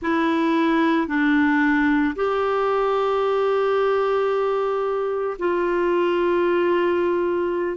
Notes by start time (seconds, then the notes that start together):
0.02 E4
1.07 D4
2.15 G4
5.39 F4